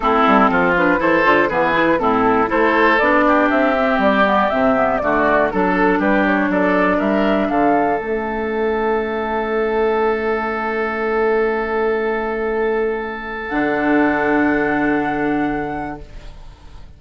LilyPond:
<<
  \new Staff \with { instrumentName = "flute" } { \time 4/4 \tempo 4 = 120 a'4. b'8 c''4 b'4 | a'4 c''4 d''4 e''4 | d''4 e''4 d''4 a'4 | b'8 cis''8 d''4 e''4 f''4 |
e''1~ | e''1~ | e''2. fis''4~ | fis''1 | }
  \new Staff \with { instrumentName = "oboe" } { \time 4/4 e'4 f'4 a'4 gis'4 | e'4 a'4. g'4.~ | g'2 fis'4 a'4 | g'4 a'4 ais'4 a'4~ |
a'1~ | a'1~ | a'1~ | a'1 | }
  \new Staff \with { instrumentName = "clarinet" } { \time 4/4 c'4. d'8 e'8 f'8 b8 e'8 | c'4 e'4 d'4. c'8~ | c'8 b8 c'8 b8 a4 d'4~ | d'1 |
cis'1~ | cis'1~ | cis'2. d'4~ | d'1 | }
  \new Staff \with { instrumentName = "bassoon" } { \time 4/4 a8 g8 f4 e8 d8 e4 | a,4 a4 b4 c'4 | g4 c4 d4 fis4 | g4 fis4 g4 d4 |
a1~ | a1~ | a2. d4~ | d1 | }
>>